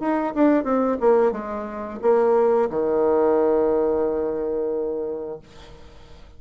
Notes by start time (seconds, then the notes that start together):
0.00 D#4
0.35 D4
0.64 C4
1.01 A#3
1.32 G#3
2.02 A#3
2.70 D#3